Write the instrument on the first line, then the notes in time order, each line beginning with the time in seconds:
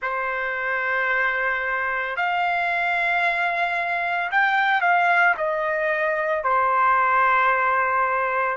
trumpet
0.02 C5
2.16 F5
4.31 G5
4.81 F5
5.37 D#5
6.43 C5